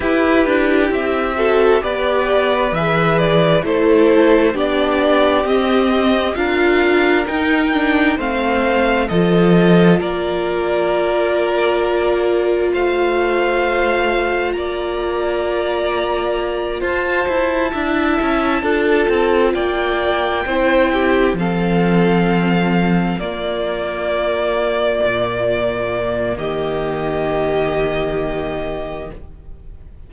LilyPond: <<
  \new Staff \with { instrumentName = "violin" } { \time 4/4 \tempo 4 = 66 b'4 e''4 d''4 e''8 d''8 | c''4 d''4 dis''4 f''4 | g''4 f''4 dis''4 d''4~ | d''2 f''2 |
ais''2~ ais''8 a''4.~ | a''4. g''2 f''8~ | f''4. d''2~ d''8~ | d''4 dis''2. | }
  \new Staff \with { instrumentName = "violin" } { \time 4/4 g'4. a'8 b'2 | a'4 g'2 ais'4~ | ais'4 c''4 a'4 ais'4~ | ais'2 c''2 |
d''2~ d''8 c''4 e''8~ | e''8 a'4 d''4 c''8 g'8 a'8~ | a'4. f'2~ f'8~ | f'4 g'2. | }
  \new Staff \with { instrumentName = "viola" } { \time 4/4 e'4. fis'8 g'4 gis'4 | e'4 d'4 c'4 f'4 | dis'8 d'8 c'4 f'2~ | f'1~ |
f'2.~ f'8 e'8~ | e'8 f'2 e'4 c'8~ | c'4. ais2~ ais8~ | ais1 | }
  \new Staff \with { instrumentName = "cello" } { \time 4/4 e'8 d'8 c'4 b4 e4 | a4 b4 c'4 d'4 | dis'4 a4 f4 ais4~ | ais2 a2 |
ais2~ ais8 f'8 e'8 d'8 | cis'8 d'8 c'8 ais4 c'4 f8~ | f4. ais2 ais,8~ | ais,4 dis2. | }
>>